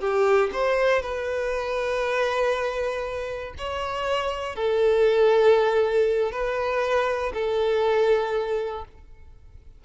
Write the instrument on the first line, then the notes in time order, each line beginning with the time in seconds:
violin
0.00 G4
0.53 C5
1.02 B4
3.58 C#5
4.56 A4
6.31 B4
7.34 A4